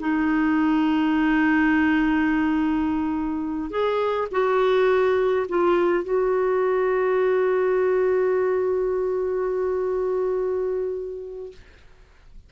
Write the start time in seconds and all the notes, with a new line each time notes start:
0.00 D#4
3.71 G#4
4.31 F#4
5.49 F4
6.04 F#4